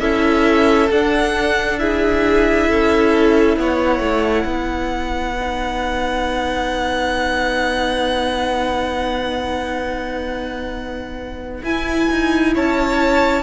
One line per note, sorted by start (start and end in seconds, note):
0.00 0.90 C#4
0.00 0.91 E4
0.00 1.81 A4
0.00 0.90 E5
0.91 1.79 D4
0.91 2.70 D4
0.91 1.79 F#5
1.79 5.37 E4
1.79 2.70 G#4
1.79 3.59 E5
2.70 3.57 C#4
2.70 3.59 A4
3.57 4.00 B3
3.57 4.48 C#5
3.57 11.65 F#5
4.00 4.45 A3
4.46 11.62 B3
4.46 12.54 B4
5.40 11.66 D#4
11.63 12.08 E4
11.63 13.43 E4
11.63 12.54 G#5
12.12 12.56 D#4
12.55 13.43 C#4
12.55 13.43 C#5
12.55 13.43 A5